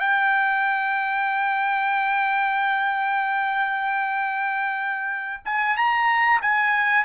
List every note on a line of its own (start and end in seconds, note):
0.00 5.43 G5
5.45 5.77 G#5
5.77 6.41 A#5
6.42 7.05 G#5